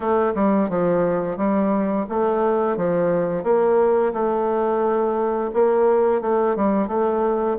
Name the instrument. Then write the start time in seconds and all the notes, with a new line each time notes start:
bassoon
0.00 A3
0.34 G3
0.69 F3
1.37 G3
2.09 A3
2.76 F3
3.43 A#3
4.13 A3
5.53 A#3
6.21 A3
6.55 G3
6.87 A3